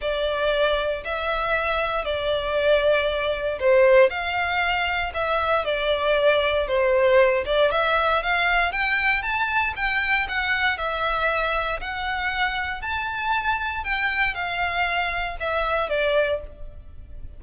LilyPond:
\new Staff \with { instrumentName = "violin" } { \time 4/4 \tempo 4 = 117 d''2 e''2 | d''2. c''4 | f''2 e''4 d''4~ | d''4 c''4. d''8 e''4 |
f''4 g''4 a''4 g''4 | fis''4 e''2 fis''4~ | fis''4 a''2 g''4 | f''2 e''4 d''4 | }